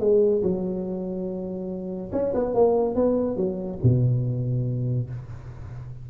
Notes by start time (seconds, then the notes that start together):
0.00 G#3
0.43 F#3
2.12 C#4
2.34 B3
2.54 A#3
2.95 B3
3.37 F#3
3.83 B2